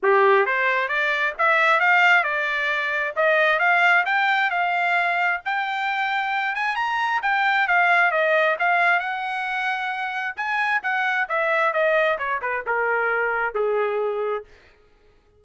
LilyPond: \new Staff \with { instrumentName = "trumpet" } { \time 4/4 \tempo 4 = 133 g'4 c''4 d''4 e''4 | f''4 d''2 dis''4 | f''4 g''4 f''2 | g''2~ g''8 gis''8 ais''4 |
g''4 f''4 dis''4 f''4 | fis''2. gis''4 | fis''4 e''4 dis''4 cis''8 b'8 | ais'2 gis'2 | }